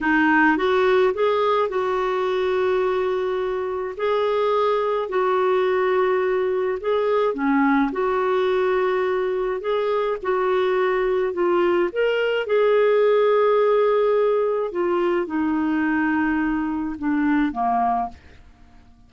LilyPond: \new Staff \with { instrumentName = "clarinet" } { \time 4/4 \tempo 4 = 106 dis'4 fis'4 gis'4 fis'4~ | fis'2. gis'4~ | gis'4 fis'2. | gis'4 cis'4 fis'2~ |
fis'4 gis'4 fis'2 | f'4 ais'4 gis'2~ | gis'2 f'4 dis'4~ | dis'2 d'4 ais4 | }